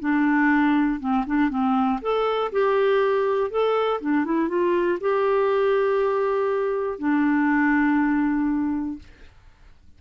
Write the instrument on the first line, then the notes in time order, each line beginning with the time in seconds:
clarinet
0.00 D4
1.00 C4
1.26 D4
1.49 C4
2.01 A4
2.52 G4
3.50 A4
4.01 D4
4.25 E4
4.48 F4
5.00 G4
6.99 D4